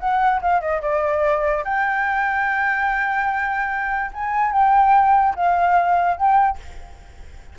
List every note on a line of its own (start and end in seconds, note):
0.00 0.41 F#5
0.42 0.61 F5
0.61 0.82 D#5
0.82 1.64 D5
1.65 4.12 G5
4.14 4.52 G#5
4.52 5.35 G5
5.36 6.18 F5
6.18 6.59 G5